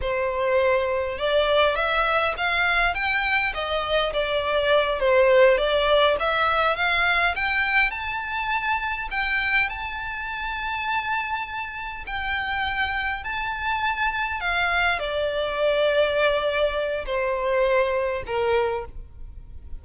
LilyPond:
\new Staff \with { instrumentName = "violin" } { \time 4/4 \tempo 4 = 102 c''2 d''4 e''4 | f''4 g''4 dis''4 d''4~ | d''8 c''4 d''4 e''4 f''8~ | f''8 g''4 a''2 g''8~ |
g''8 a''2.~ a''8~ | a''8 g''2 a''4.~ | a''8 f''4 d''2~ d''8~ | d''4 c''2 ais'4 | }